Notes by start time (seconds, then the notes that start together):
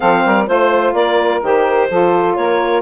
0.00 F3 C4 A4 F5
0.25 G3 A#4
0.46 A3 F4 C5
0.93 A#3 A#4 D5
1.42 D#3 G4 C5
1.90 F3 F4 A4
2.35 A#3 A#4 C#5